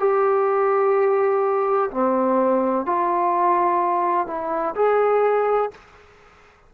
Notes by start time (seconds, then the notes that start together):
0.00 G4
1.91 C4
2.86 F4
4.28 E4
4.76 G#4